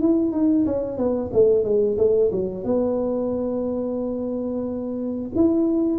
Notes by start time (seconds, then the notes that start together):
0.00 E4
0.32 D#4
0.65 C#4
0.97 B3
1.33 A3
1.64 G#3
1.97 A3
2.32 F#3
2.64 B3
5.35 E4